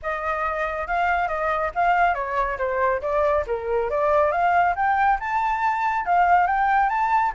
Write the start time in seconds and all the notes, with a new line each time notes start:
0.02 D#5
0.87 F5
1.28 D#5
1.74 F5
2.14 C#5
2.58 C5
3.01 D5
3.46 A#4
3.90 D5
4.31 F5
4.75 G5
5.19 A5
6.05 F5
6.46 G5
6.89 A5